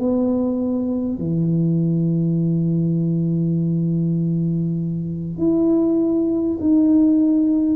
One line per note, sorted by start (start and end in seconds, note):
0.00 1.19 B3
1.19 5.38 E3
5.38 6.58 E4
6.61 7.77 D#4